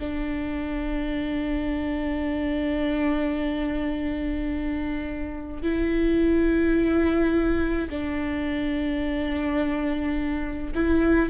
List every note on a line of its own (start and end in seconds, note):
0.00 5.63 D4
5.63 7.89 E4
7.90 10.73 D4
10.75 11.30 E4